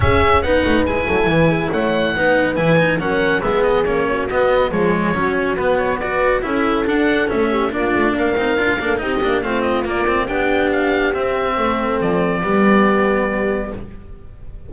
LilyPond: <<
  \new Staff \with { instrumentName = "oboe" } { \time 4/4 \tempo 4 = 140 e''4 fis''4 gis''2 | fis''2 gis''4 fis''4 | e''8 dis''8 cis''4 dis''4 cis''4~ | cis''4 b'8 cis''8 d''4 e''4 |
fis''4 e''4 d''4 f''4~ | f''4 dis''4 f''8 dis''8 d''4 | g''4 f''4 e''2 | d''1 | }
  \new Staff \with { instrumentName = "horn" } { \time 4/4 gis'4 b'4. a'8 b'8 gis'8 | cis''4 b'2 ais'4 | gis'4. fis'4. gis'4 | fis'2 b'4 a'4~ |
a'4. g'8 f'4 ais'4~ | ais'8 a'8 g'4 f'2 | g'2. a'4~ | a'4 g'2. | }
  \new Staff \with { instrumentName = "cello" } { \time 4/4 cis'4 dis'4 e'2~ | e'4 dis'4 e'8 dis'8 cis'4 | b4 cis'4 b4 gis4 | cis'4 b4 fis'4 e'4 |
d'4 cis'4 d'4. dis'8 | f'8 d'8 dis'8 d'8 c'4 ais8 c'8 | d'2 c'2~ | c'4 b2. | }
  \new Staff \with { instrumentName = "double bass" } { \time 4/4 cis'4 b8 a8 gis8 fis8 e4 | a4 b4 e4 fis4 | gis4 ais4 b4 f4 | fis4 b2 cis'4 |
d'4 a4 ais8 a8 ais8 c'8 | d'8 ais8 c'8 ais8 a4 ais4 | b2 c'4 a4 | f4 g2. | }
>>